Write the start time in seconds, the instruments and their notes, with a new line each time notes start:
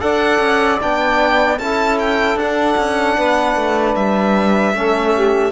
0.00 cello D4, trombone A4, saxophone D5, violin F#5
0.39 cello C#4
0.81 cello B3, trombone D4, violin G5
1.58 cello C#4, trombone E4, saxophone A4, violin A5
1.99 violin G5
2.36 cello D4, trombone D4, violin F#5
2.77 cello C#4
3.17 cello B3, saxophone B4
3.56 cello A3
3.95 cello G3, violin E5
4.74 cello A3, trombone C#4, saxophone A4
5.15 saxophone G4